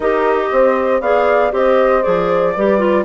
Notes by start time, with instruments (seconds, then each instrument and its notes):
0.00 bassoon D#4, clarinet G4, horn A#4, flute D#5
0.51 bassoon C4, horn C5
1.00 bassoon B3, clarinet G#4, horn D5, flute F5
1.51 bassoon C4, clarinet G4, horn C5, flute D#5
2.02 bassoon F3, clarinet G#4, flute D5
2.55 bassoon G3, clarinet G4, horn B4
2.78 clarinet F4